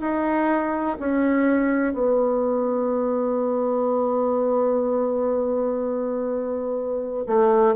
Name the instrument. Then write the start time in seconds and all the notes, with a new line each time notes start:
bassoon
0.00 D#4
0.99 C#4
1.93 B3
7.27 A3